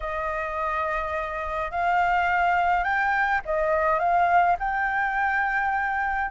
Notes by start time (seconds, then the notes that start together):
0.00 D#5
1.71 F5
2.83 G5
3.45 D#5
3.99 F5
4.59 G5